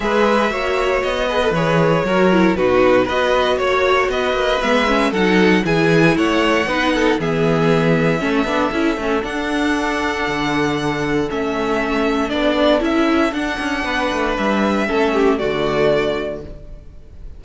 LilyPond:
<<
  \new Staff \with { instrumentName = "violin" } { \time 4/4 \tempo 4 = 117 e''2 dis''4 cis''4~ | cis''4 b'4 dis''4 cis''4 | dis''4 e''4 fis''4 gis''4 | fis''2 e''2~ |
e''2 fis''2~ | fis''2 e''2 | d''4 e''4 fis''2 | e''2 d''2 | }
  \new Staff \with { instrumentName = "violin" } { \time 4/4 b'4 cis''4. b'4. | ais'4 fis'4 b'4 cis''4 | b'2 a'4 gis'4 | cis''4 b'8 a'8 gis'2 |
a'1~ | a'1~ | a'2. b'4~ | b'4 a'8 g'8 fis'2 | }
  \new Staff \with { instrumentName = "viola" } { \time 4/4 gis'4 fis'4. gis'16 a'16 gis'4 | fis'8 e'8 dis'4 fis'2~ | fis'4 b8 cis'8 dis'4 e'4~ | e'4 dis'4 b2 |
cis'8 d'8 e'8 cis'8 d'2~ | d'2 cis'2 | d'4 e'4 d'2~ | d'4 cis'4 a2 | }
  \new Staff \with { instrumentName = "cello" } { \time 4/4 gis4 ais4 b4 e4 | fis4 b,4 b4 ais4 | b8 ais8 gis4 fis4 e4 | a4 b4 e2 |
a8 b8 cis'8 a8 d'2 | d2 a2 | b4 cis'4 d'8 cis'8 b8 a8 | g4 a4 d2 | }
>>